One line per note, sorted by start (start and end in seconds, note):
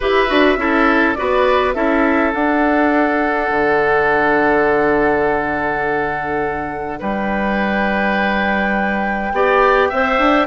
0.00 0.30 E4
0.00 0.28 G4
0.00 0.58 B4
0.00 1.14 E5
0.28 0.56 D4
0.28 0.57 F#4
0.56 1.15 C#4
0.56 1.16 E4
0.56 1.18 A4
1.14 1.75 B3
1.14 1.74 F#4
1.14 1.75 B4
1.14 1.72 D5
1.74 2.33 C#4
1.74 2.33 E4
1.74 6.99 A4
1.74 2.32 E5
2.33 9.32 D4
2.33 3.50 D4
2.33 6.99 F#5
3.50 6.99 D3
6.99 9.32 G3
6.99 9.32 B4
6.99 10.47 G5
9.32 9.90 B3
9.32 9.92 G4
9.32 9.89 D5
9.89 10.18 C4
9.89 10.47 C5
9.89 10.47 E5
10.18 10.47 D4